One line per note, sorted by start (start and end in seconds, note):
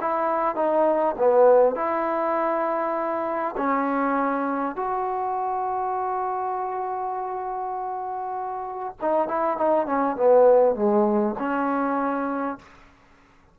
0.00 0.55 E4
0.55 1.15 D#4
1.18 1.75 B3
1.75 3.55 E4
3.57 4.75 C#4
4.75 8.95 F#4
9.01 9.27 D#4
9.27 9.57 E4
9.57 9.86 D#4
9.86 10.16 C#4
10.16 10.75 B3
10.75 11.35 G#3
11.38 12.58 C#4